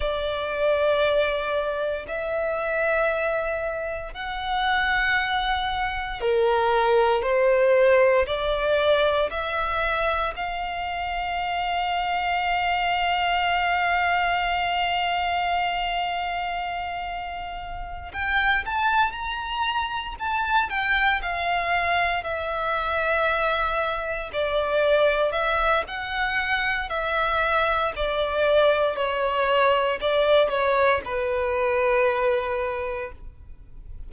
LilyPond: \new Staff \with { instrumentName = "violin" } { \time 4/4 \tempo 4 = 58 d''2 e''2 | fis''2 ais'4 c''4 | d''4 e''4 f''2~ | f''1~ |
f''4. g''8 a''8 ais''4 a''8 | g''8 f''4 e''2 d''8~ | d''8 e''8 fis''4 e''4 d''4 | cis''4 d''8 cis''8 b'2 | }